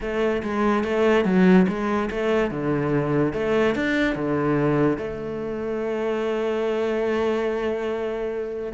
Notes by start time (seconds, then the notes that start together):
0.00 A3
0.42 G#3
0.83 A3
1.24 F#3
1.68 G#3
2.10 A3
2.50 D3
3.33 A3
3.75 D4
4.15 D3
4.97 A3